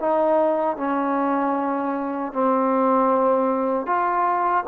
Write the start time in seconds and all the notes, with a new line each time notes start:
0.00 D#4
0.77 C#4
2.33 C4
3.86 F4